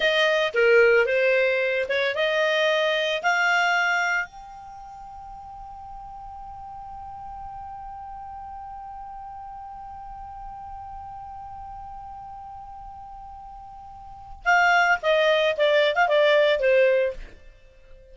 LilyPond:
\new Staff \with { instrumentName = "clarinet" } { \time 4/4 \tempo 4 = 112 dis''4 ais'4 c''4. cis''8 | dis''2 f''2 | g''1~ | g''1~ |
g''1~ | g''1~ | g''2. f''4 | dis''4 d''8. f''16 d''4 c''4 | }